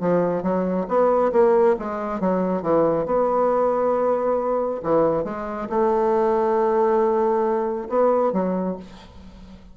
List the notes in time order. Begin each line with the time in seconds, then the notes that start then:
0.00 F3
0.43 F#3
0.88 B3
1.32 A#3
1.79 G#3
2.20 F#3
2.62 E3
3.06 B3
4.83 E3
5.24 G#3
5.69 A3
7.89 B3
8.33 F#3